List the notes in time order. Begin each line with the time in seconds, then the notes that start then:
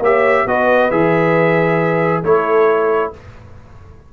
0.00 A#3 G4 C#5 E5
0.46 B3 F#4 B4 D#5
0.91 E3 G#4 E5
2.23 A3 E4 A4 C#5